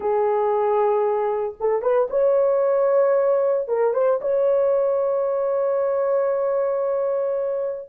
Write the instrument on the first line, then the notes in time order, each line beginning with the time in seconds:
horn
0.00 G#4
1.60 A4
1.82 B4
2.10 C#5
3.68 A#4
3.93 C5
4.21 C#5